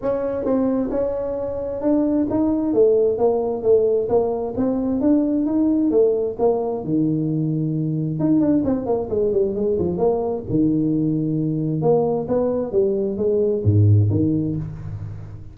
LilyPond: \new Staff \with { instrumentName = "tuba" } { \time 4/4 \tempo 4 = 132 cis'4 c'4 cis'2 | d'4 dis'4 a4 ais4 | a4 ais4 c'4 d'4 | dis'4 a4 ais4 dis4~ |
dis2 dis'8 d'8 c'8 ais8 | gis8 g8 gis8 f8 ais4 dis4~ | dis2 ais4 b4 | g4 gis4 gis,4 dis4 | }